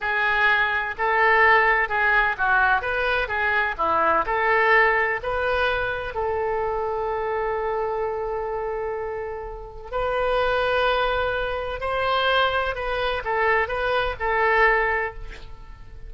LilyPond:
\new Staff \with { instrumentName = "oboe" } { \time 4/4 \tempo 4 = 127 gis'2 a'2 | gis'4 fis'4 b'4 gis'4 | e'4 a'2 b'4~ | b'4 a'2.~ |
a'1~ | a'4 b'2.~ | b'4 c''2 b'4 | a'4 b'4 a'2 | }